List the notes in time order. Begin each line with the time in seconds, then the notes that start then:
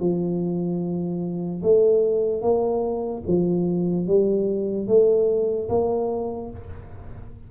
0.00 F3
1.63 A3
2.42 A#3
3.27 F3
4.07 G3
4.88 A3
5.69 A#3